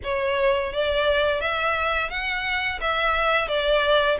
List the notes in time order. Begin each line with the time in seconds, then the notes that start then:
0.03 C#5
0.72 D5
1.40 E5
2.09 F#5
2.80 E5
3.48 D5